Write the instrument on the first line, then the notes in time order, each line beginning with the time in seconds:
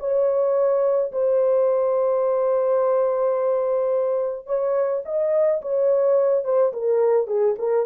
horn
0.00 C#5
1.12 C5
4.47 C#5
5.06 D#5
5.62 C#5
6.45 C5
6.73 A#4
7.28 G#4
7.59 A#4